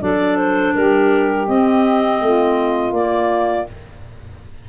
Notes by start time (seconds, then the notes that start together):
0.00 F#3 D4 A4 D5
0.37 C5
0.74 G3 G4 A#4
1.46 C4 D#5
2.21 A3 F4
2.91 A#3 D5